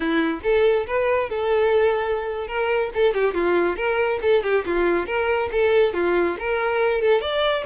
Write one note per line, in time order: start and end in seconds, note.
0.00 0.40 E4
0.43 0.86 A4
0.86 1.29 B4
1.29 2.47 A4
2.47 2.90 A#4
2.94 3.14 A4
3.14 3.34 G4
3.34 3.76 F4
3.76 4.19 A#4
4.21 4.43 A4
4.43 4.65 G4
4.65 5.06 F4
5.06 5.49 A#4
5.51 5.93 A4
5.93 6.36 F4
6.39 7.01 A#4
7.01 7.21 A4
7.21 7.64 D5